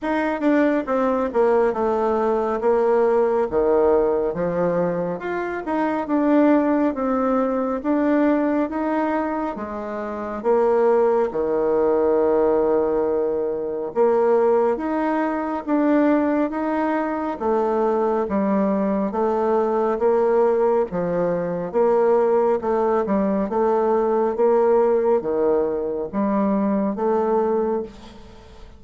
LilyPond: \new Staff \with { instrumentName = "bassoon" } { \time 4/4 \tempo 4 = 69 dis'8 d'8 c'8 ais8 a4 ais4 | dis4 f4 f'8 dis'8 d'4 | c'4 d'4 dis'4 gis4 | ais4 dis2. |
ais4 dis'4 d'4 dis'4 | a4 g4 a4 ais4 | f4 ais4 a8 g8 a4 | ais4 dis4 g4 a4 | }